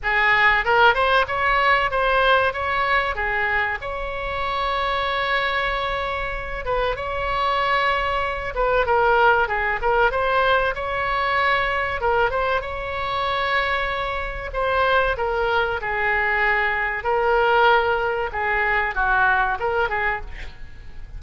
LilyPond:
\new Staff \with { instrumentName = "oboe" } { \time 4/4 \tempo 4 = 95 gis'4 ais'8 c''8 cis''4 c''4 | cis''4 gis'4 cis''2~ | cis''2~ cis''8 b'8 cis''4~ | cis''4. b'8 ais'4 gis'8 ais'8 |
c''4 cis''2 ais'8 c''8 | cis''2. c''4 | ais'4 gis'2 ais'4~ | ais'4 gis'4 fis'4 ais'8 gis'8 | }